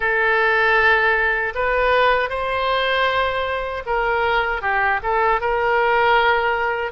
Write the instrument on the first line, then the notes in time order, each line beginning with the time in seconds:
oboe
0.00 A4
1.55 B4
2.29 C5
3.86 A#4
4.62 G4
5.02 A4
5.41 A#4